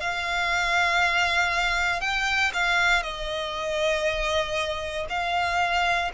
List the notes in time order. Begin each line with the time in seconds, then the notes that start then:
0.00 F5
2.01 G5
2.54 F5
3.03 D#5
5.09 F5